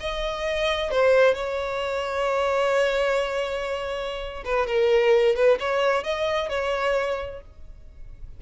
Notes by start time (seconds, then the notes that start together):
0.00 D#5
0.91 C5
1.34 C#5
4.45 B4
4.67 A#4
5.36 B4
5.60 C#5
6.04 D#5
6.49 C#5